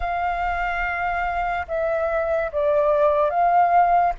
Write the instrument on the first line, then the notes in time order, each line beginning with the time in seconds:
flute
0.00 F5
1.67 E5
2.52 D5
3.30 F5